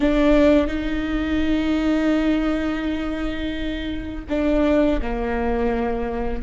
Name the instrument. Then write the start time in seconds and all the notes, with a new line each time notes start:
viola
0.00 D4
0.67 D#4
4.29 D4
5.01 A#3